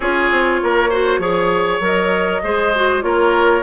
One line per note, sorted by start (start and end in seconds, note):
0.00 0.30 C#4
0.00 0.91 F4
0.00 0.60 G#4
0.00 1.81 C#5
0.30 0.61 C4
0.62 1.18 A#3
0.62 0.89 A#4
0.89 1.21 F#4
0.89 1.20 C5
1.18 1.79 F3
1.18 1.81 G#4
1.18 2.42 C#5
1.80 2.40 F#3
1.80 2.42 A#4
1.80 3.02 D#5
2.43 3.03 G#3
2.43 2.73 G#4
2.43 3.04 C5
2.75 3.01 F#4
3.01 3.62 A#3
3.01 3.62 F4
3.01 3.62 A#4
3.01 3.62 C#5